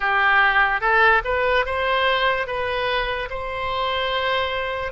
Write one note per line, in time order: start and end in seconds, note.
0.00 0.80 G4
0.80 1.21 A4
1.24 1.65 B4
1.65 2.46 C5
2.46 3.28 B4
3.30 4.92 C5